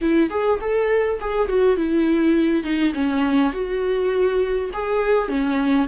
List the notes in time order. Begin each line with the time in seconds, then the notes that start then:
0.01 E4
0.30 G#4
0.60 A4
1.20 G#4
1.48 F#4
1.76 E4
2.63 D#4
2.94 C#4
3.52 F#4
4.73 G#4
5.28 C#4